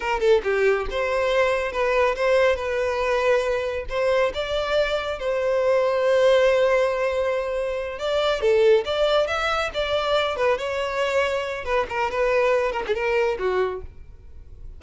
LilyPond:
\new Staff \with { instrumentName = "violin" } { \time 4/4 \tempo 4 = 139 ais'8 a'8 g'4 c''2 | b'4 c''4 b'2~ | b'4 c''4 d''2 | c''1~ |
c''2~ c''8 d''4 a'8~ | a'8 d''4 e''4 d''4. | b'8 cis''2~ cis''8 b'8 ais'8 | b'4. ais'16 gis'16 ais'4 fis'4 | }